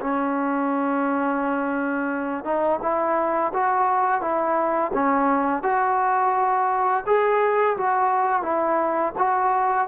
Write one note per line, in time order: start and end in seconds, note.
0.00 2.44 C#4
2.44 2.79 D#4
2.81 3.52 E4
3.53 4.21 F#4
4.21 4.91 E4
4.93 5.62 C#4
5.62 7.03 F#4
7.06 7.76 G#4
7.77 8.42 F#4
8.42 9.13 E4
9.17 9.87 F#4